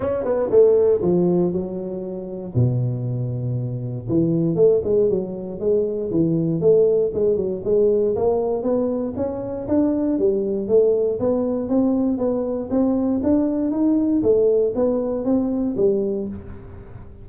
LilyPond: \new Staff \with { instrumentName = "tuba" } { \time 4/4 \tempo 4 = 118 cis'8 b8 a4 f4 fis4~ | fis4 b,2. | e4 a8 gis8 fis4 gis4 | e4 a4 gis8 fis8 gis4 |
ais4 b4 cis'4 d'4 | g4 a4 b4 c'4 | b4 c'4 d'4 dis'4 | a4 b4 c'4 g4 | }